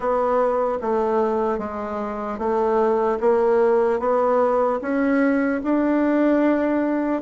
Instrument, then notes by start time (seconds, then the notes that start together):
bassoon
0.00 B3
0.81 A3
1.58 G#3
2.38 A3
3.20 A#3
3.99 B3
4.81 C#4
5.63 D4